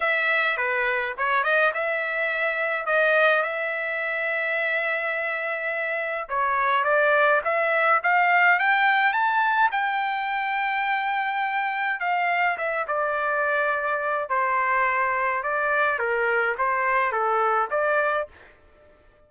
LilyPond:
\new Staff \with { instrumentName = "trumpet" } { \time 4/4 \tempo 4 = 105 e''4 b'4 cis''8 dis''8 e''4~ | e''4 dis''4 e''2~ | e''2. cis''4 | d''4 e''4 f''4 g''4 |
a''4 g''2.~ | g''4 f''4 e''8 d''4.~ | d''4 c''2 d''4 | ais'4 c''4 a'4 d''4 | }